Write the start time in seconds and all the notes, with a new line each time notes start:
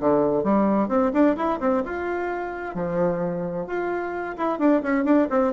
0.00 D3
0.44 G3
0.89 C4
1.13 D4
1.37 E4
1.60 C4
1.85 F4
2.75 F3
3.67 F4
4.37 E4
4.59 D4
4.82 C#4
5.05 D4
5.30 C4